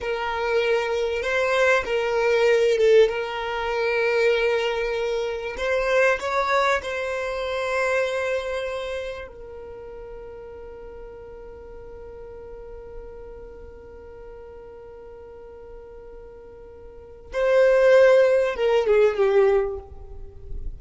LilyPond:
\new Staff \with { instrumentName = "violin" } { \time 4/4 \tempo 4 = 97 ais'2 c''4 ais'4~ | ais'8 a'8 ais'2.~ | ais'4 c''4 cis''4 c''4~ | c''2. ais'4~ |
ais'1~ | ais'1~ | ais'1 | c''2 ais'8 gis'8 g'4 | }